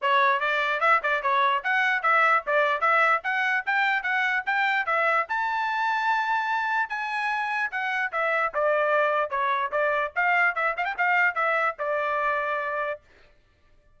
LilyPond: \new Staff \with { instrumentName = "trumpet" } { \time 4/4 \tempo 4 = 148 cis''4 d''4 e''8 d''8 cis''4 | fis''4 e''4 d''4 e''4 | fis''4 g''4 fis''4 g''4 | e''4 a''2.~ |
a''4 gis''2 fis''4 | e''4 d''2 cis''4 | d''4 f''4 e''8 f''16 g''16 f''4 | e''4 d''2. | }